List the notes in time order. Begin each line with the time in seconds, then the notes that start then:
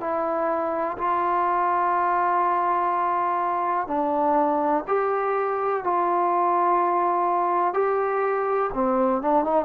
0.00 E4
0.98 F4
3.88 D4
4.87 G4
5.84 F4
7.73 G4
8.74 C4
9.22 D4
9.44 D#4